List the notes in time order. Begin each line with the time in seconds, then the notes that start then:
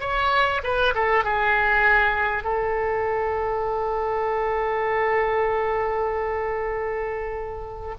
0.00 C#5
0.63 B4
0.95 A4
1.24 G#4
2.44 A4